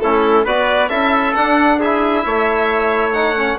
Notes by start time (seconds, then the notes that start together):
0.00 A3 C#4 E4 A4
0.45 B3 F#4 B4 D5
0.89 C#4 E4 A4 E5
1.35 D4 F#5
1.80 E4 G#4 E5
2.26 A3 C#5
3.13 D#4 F#5
3.37 C#4